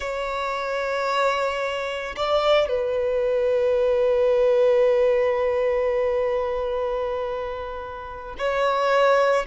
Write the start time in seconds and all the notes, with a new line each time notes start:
0.00 C#5
2.15 D5
2.68 B4
8.38 C#5